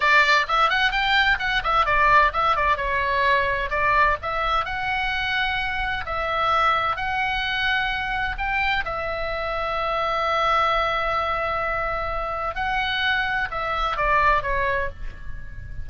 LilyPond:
\new Staff \with { instrumentName = "oboe" } { \time 4/4 \tempo 4 = 129 d''4 e''8 fis''8 g''4 fis''8 e''8 | d''4 e''8 d''8 cis''2 | d''4 e''4 fis''2~ | fis''4 e''2 fis''4~ |
fis''2 g''4 e''4~ | e''1~ | e''2. fis''4~ | fis''4 e''4 d''4 cis''4 | }